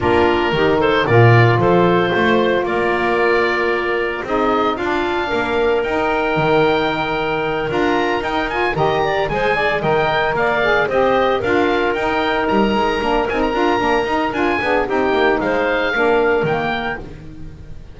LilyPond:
<<
  \new Staff \with { instrumentName = "oboe" } { \time 4/4 \tempo 4 = 113 ais'4. c''8 d''4 c''4~ | c''4 d''2. | dis''4 f''2 g''4~ | g''2~ g''8 ais''4 g''8 |
gis''8 ais''4 gis''4 g''4 f''8~ | f''8 dis''4 f''4 g''4 ais''8~ | ais''4 gis''16 ais''4.~ ais''16 gis''4 | g''4 f''2 g''4 | }
  \new Staff \with { instrumentName = "clarinet" } { \time 4/4 f'4 g'8 a'8 ais'4 a'4 | c''4 ais'2. | gis'4 f'4 ais'2~ | ais'1~ |
ais'8 dis''8 d''8 c''8 d''8 dis''4 d''8~ | d''8 c''4 ais'2~ ais'8~ | ais'2.~ ais'8 gis'8 | g'4 c''4 ais'2 | }
  \new Staff \with { instrumentName = "saxophone" } { \time 4/4 d'4 dis'4 f'2~ | f'1 | dis'4 d'2 dis'4~ | dis'2~ dis'8 f'4 dis'8 |
f'8 g'4 gis'4 ais'4. | gis'8 g'4 f'4 dis'4.~ | dis'8 d'8 dis'8 f'8 d'8 dis'8 f'8 d'8 | dis'2 d'4 ais4 | }
  \new Staff \with { instrumentName = "double bass" } { \time 4/4 ais4 dis4 ais,4 f4 | a4 ais2. | c'4 d'4 ais4 dis'4 | dis2~ dis8 d'4 dis'8~ |
dis'8 dis4 gis4 dis4 ais8~ | ais8 c'4 d'4 dis'4 g8 | gis8 ais8 c'8 d'8 ais8 dis'8 d'8 b8 | c'8 ais8 gis4 ais4 dis4 | }
>>